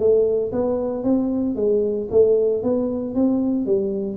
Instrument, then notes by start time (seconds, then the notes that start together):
tuba
0.00 A3
0.53 B3
1.04 C4
1.56 G#3
2.11 A3
2.63 B3
3.15 C4
3.66 G3